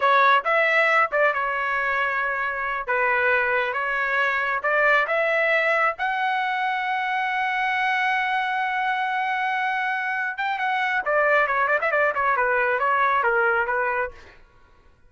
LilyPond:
\new Staff \with { instrumentName = "trumpet" } { \time 4/4 \tempo 4 = 136 cis''4 e''4. d''8 cis''4~ | cis''2~ cis''8 b'4.~ | b'8 cis''2 d''4 e''8~ | e''4. fis''2~ fis''8~ |
fis''1~ | fis''2.~ fis''8 g''8 | fis''4 d''4 cis''8 d''16 e''16 d''8 cis''8 | b'4 cis''4 ais'4 b'4 | }